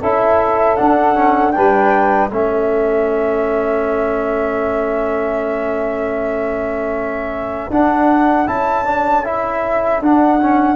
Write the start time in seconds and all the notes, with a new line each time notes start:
0.00 C#4 E4 A4 E5
0.76 D4 F#5
1.15 C#4
1.52 G3 D4 B4 G5
2.31 A3 C#4 A4 E5
7.70 D4 F#5
8.47 C#4 E4 A5
8.85 D4
9.25 E4 E5
10.00 D4 F#5
10.42 C#4